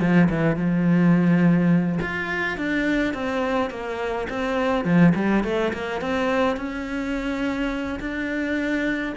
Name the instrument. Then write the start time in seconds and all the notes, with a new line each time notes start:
cello
0.00 F3
0.29 E3
0.56 F3
2.02 F4
2.58 D4
3.14 C4
3.70 A#3
4.30 C4
4.85 F3
5.15 G3
5.44 A3
5.74 A#3
6.01 C4
6.57 C#4
8.00 D4